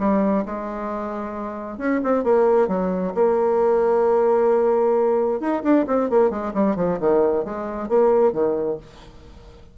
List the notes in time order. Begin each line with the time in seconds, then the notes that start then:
0.00 G3
0.46 G#3
1.78 C#4
2.04 C4
2.24 A#3
2.68 F#3
3.15 A#3
5.41 D#4
5.63 D4
5.87 C4
6.10 A#3
6.31 G#3
6.54 G3
6.76 F3
7.00 D#3
7.45 G#3
7.89 A#3
8.33 D#3